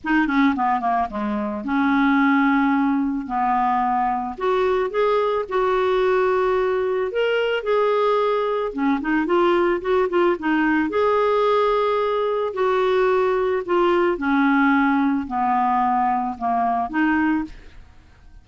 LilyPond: \new Staff \with { instrumentName = "clarinet" } { \time 4/4 \tempo 4 = 110 dis'8 cis'8 b8 ais8 gis4 cis'4~ | cis'2 b2 | fis'4 gis'4 fis'2~ | fis'4 ais'4 gis'2 |
cis'8 dis'8 f'4 fis'8 f'8 dis'4 | gis'2. fis'4~ | fis'4 f'4 cis'2 | b2 ais4 dis'4 | }